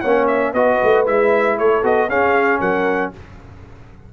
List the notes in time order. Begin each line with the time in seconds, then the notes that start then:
0.00 A#3 C#4 C#5 F#5
0.27 E5
0.53 B3 F#4 B4 D#5
0.83 A3
1.06 G#3 E4 E5
1.58 A3 A4 C#5
1.83 B3 F#4 D#5
2.09 C#4 G#4 F5
2.60 F#3 A#4 F#5